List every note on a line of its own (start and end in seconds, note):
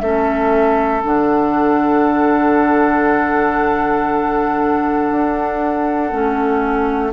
0.00 1.04 A3
0.00 1.02 C#4
0.00 7.13 A4
0.00 1.02 E5
1.02 5.11 D3
1.02 6.11 D4
1.02 7.13 F#5
5.11 6.12 D4
6.11 7.13 A3
6.11 7.13 C#4